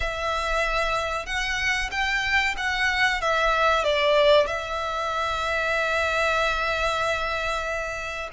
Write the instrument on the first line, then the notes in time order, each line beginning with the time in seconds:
violin
0.00 E5
1.26 F#5
1.91 G5
2.57 F#5
3.21 E5
3.84 D5
4.47 E5